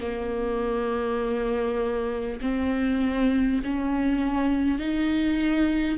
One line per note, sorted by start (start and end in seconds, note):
0.00 2.40 A#3
2.41 3.61 C4
3.64 4.78 C#4
4.78 5.97 D#4